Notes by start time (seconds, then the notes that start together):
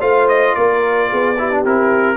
0.00 A3 F4 C5 F5
0.28 D#5
0.55 A#3 A#4 D5
1.10 B3 G#4
1.38 E4 G4
1.51 D4
1.65 C4 E4 A#4